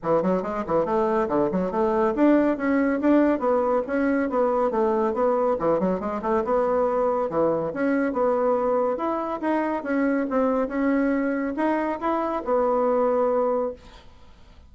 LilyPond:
\new Staff \with { instrumentName = "bassoon" } { \time 4/4 \tempo 4 = 140 e8 fis8 gis8 e8 a4 d8 fis8 | a4 d'4 cis'4 d'4 | b4 cis'4 b4 a4 | b4 e8 fis8 gis8 a8 b4~ |
b4 e4 cis'4 b4~ | b4 e'4 dis'4 cis'4 | c'4 cis'2 dis'4 | e'4 b2. | }